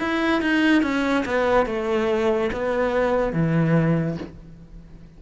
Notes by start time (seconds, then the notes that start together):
0.00 E4
0.42 D#4
0.83 C#4
1.25 B3
1.66 A3
2.53 B3
3.33 E3